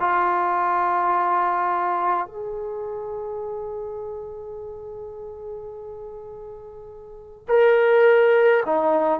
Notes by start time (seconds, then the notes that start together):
0.00 F4
2.27 G#4
7.48 A#4
8.66 D#4